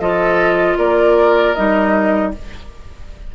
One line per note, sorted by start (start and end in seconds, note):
0.00 0.77 F3
0.00 1.55 F4
0.00 0.78 A4
0.00 0.77 D#5
0.78 1.55 A#3
0.78 2.32 A#4
0.78 1.54 D5
1.54 2.35 G3
1.54 2.33 D#4
1.54 2.31 D#5